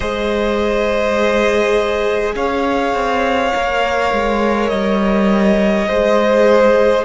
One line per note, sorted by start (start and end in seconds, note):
0.00 2.35 G#3
0.00 3.53 G#4
0.00 2.34 C5
0.00 2.35 D#5
2.35 2.94 C#4
2.35 5.88 C#5
2.35 4.68 F5
2.94 3.52 C4
3.53 4.12 A#3
3.53 5.88 A#4
4.12 4.70 G#3
4.68 5.88 G3
4.68 7.03 D#5
5.88 7.04 G#3
5.88 7.04 G#4
5.88 7.04 C5